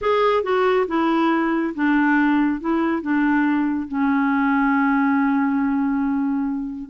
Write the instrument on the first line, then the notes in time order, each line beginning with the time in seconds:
clarinet
0.01 G#4
0.43 F#4
0.87 E4
1.74 D4
2.60 E4
3.01 D4
3.88 C#4